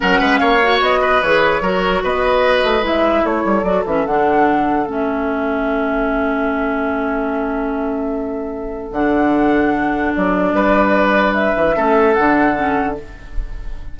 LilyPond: <<
  \new Staff \with { instrumentName = "flute" } { \time 4/4 \tempo 4 = 148 fis''4 f''4 dis''4 cis''4~ | cis''4 dis''2 e''4 | cis''4 d''8 e''8 fis''2 | e''1~ |
e''1~ | e''2 fis''2~ | fis''4 d''2. | e''2 fis''2 | }
  \new Staff \with { instrumentName = "oboe" } { \time 4/4 ais'8 b'8 cis''4. b'4. | ais'4 b'2. | a'1~ | a'1~ |
a'1~ | a'1~ | a'2 b'2~ | b'4 a'2. | }
  \new Staff \with { instrumentName = "clarinet" } { \time 4/4 cis'4. fis'4. gis'4 | fis'2. e'4~ | e'4 fis'8 cis'8 d'2 | cis'1~ |
cis'1~ | cis'2 d'2~ | d'1~ | d'4 cis'4 d'4 cis'4 | }
  \new Staff \with { instrumentName = "bassoon" } { \time 4/4 fis8 gis8 ais4 b4 e4 | fis4 b4. a8 gis4 | a8 g8 fis8 e8 d2 | a1~ |
a1~ | a2 d2~ | d4 fis4 g2~ | g8 e8 a4 d2 | }
>>